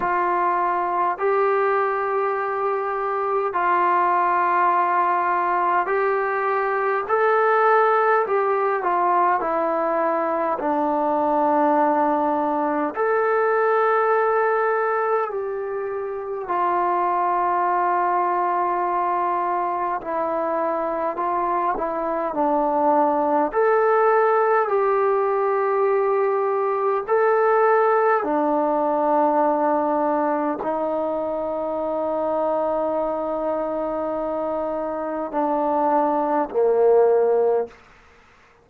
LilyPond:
\new Staff \with { instrumentName = "trombone" } { \time 4/4 \tempo 4 = 51 f'4 g'2 f'4~ | f'4 g'4 a'4 g'8 f'8 | e'4 d'2 a'4~ | a'4 g'4 f'2~ |
f'4 e'4 f'8 e'8 d'4 | a'4 g'2 a'4 | d'2 dis'2~ | dis'2 d'4 ais4 | }